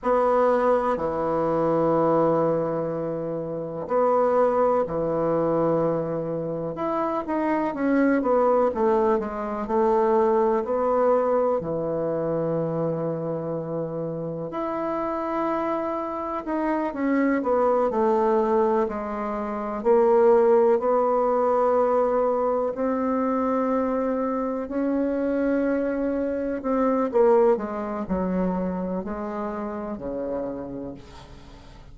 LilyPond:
\new Staff \with { instrumentName = "bassoon" } { \time 4/4 \tempo 4 = 62 b4 e2. | b4 e2 e'8 dis'8 | cis'8 b8 a8 gis8 a4 b4 | e2. e'4~ |
e'4 dis'8 cis'8 b8 a4 gis8~ | gis8 ais4 b2 c'8~ | c'4. cis'2 c'8 | ais8 gis8 fis4 gis4 cis4 | }